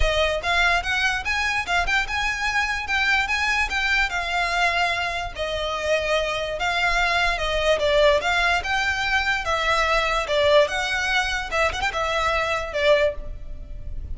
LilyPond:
\new Staff \with { instrumentName = "violin" } { \time 4/4 \tempo 4 = 146 dis''4 f''4 fis''4 gis''4 | f''8 g''8 gis''2 g''4 | gis''4 g''4 f''2~ | f''4 dis''2. |
f''2 dis''4 d''4 | f''4 g''2 e''4~ | e''4 d''4 fis''2 | e''8 fis''16 g''16 e''2 d''4 | }